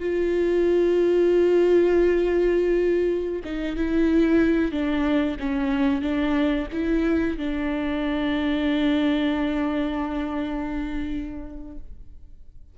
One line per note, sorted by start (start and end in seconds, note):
0.00 3.42 F4
3.44 3.76 D#4
3.76 4.72 E4
4.72 5.37 D4
5.40 6.01 C#4
6.01 6.67 D4
6.72 7.38 E4
7.38 11.78 D4